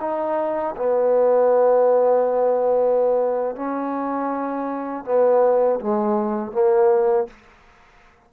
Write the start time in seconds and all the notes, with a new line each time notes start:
0.00 D#4
0.76 B3
3.56 C#4
5.05 B3
5.80 G#3
6.52 A#3